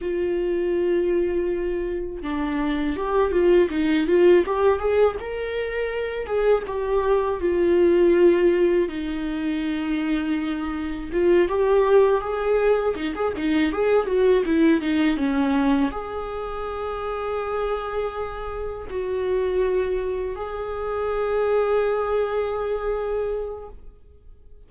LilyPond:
\new Staff \with { instrumentName = "viola" } { \time 4/4 \tempo 4 = 81 f'2. d'4 | g'8 f'8 dis'8 f'8 g'8 gis'8 ais'4~ | ais'8 gis'8 g'4 f'2 | dis'2. f'8 g'8~ |
g'8 gis'4 dis'16 gis'16 dis'8 gis'8 fis'8 e'8 | dis'8 cis'4 gis'2~ gis'8~ | gis'4. fis'2 gis'8~ | gis'1 | }